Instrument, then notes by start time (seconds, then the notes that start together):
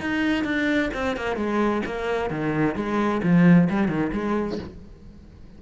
cello
0.00 D#4
0.44 D4
0.93 C4
1.16 A#3
1.36 G#3
1.85 A#3
2.30 D#3
2.75 G#3
3.23 F3
3.70 G3
3.88 D#3
4.12 G#3